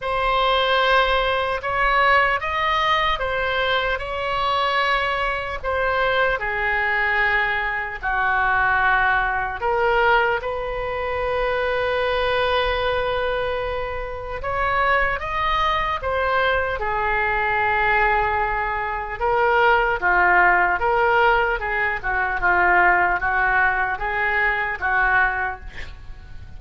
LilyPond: \new Staff \with { instrumentName = "oboe" } { \time 4/4 \tempo 4 = 75 c''2 cis''4 dis''4 | c''4 cis''2 c''4 | gis'2 fis'2 | ais'4 b'2.~ |
b'2 cis''4 dis''4 | c''4 gis'2. | ais'4 f'4 ais'4 gis'8 fis'8 | f'4 fis'4 gis'4 fis'4 | }